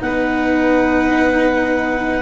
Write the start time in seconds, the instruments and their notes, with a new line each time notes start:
0.00 tuba B3, cello D#4, violin B4, clarinet F#5